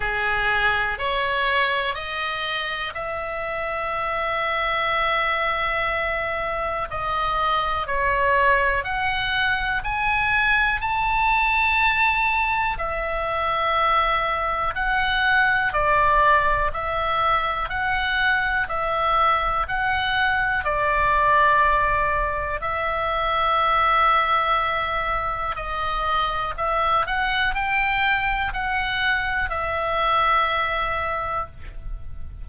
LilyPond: \new Staff \with { instrumentName = "oboe" } { \time 4/4 \tempo 4 = 61 gis'4 cis''4 dis''4 e''4~ | e''2. dis''4 | cis''4 fis''4 gis''4 a''4~ | a''4 e''2 fis''4 |
d''4 e''4 fis''4 e''4 | fis''4 d''2 e''4~ | e''2 dis''4 e''8 fis''8 | g''4 fis''4 e''2 | }